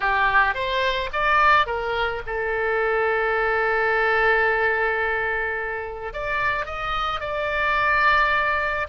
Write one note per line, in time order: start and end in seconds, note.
0.00 0.54 G4
0.54 1.09 C5
1.12 1.66 D5
1.66 2.21 A#4
2.26 6.13 A4
6.13 6.65 D5
6.65 7.20 D#5
7.20 8.87 D5